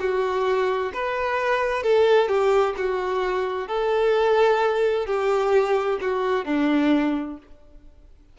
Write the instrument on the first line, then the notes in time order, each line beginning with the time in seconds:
violin
0.00 F#4
0.94 B4
1.83 A4
2.28 G4
2.77 F#4
3.68 A4
5.07 G4
6.01 F#4
6.45 D4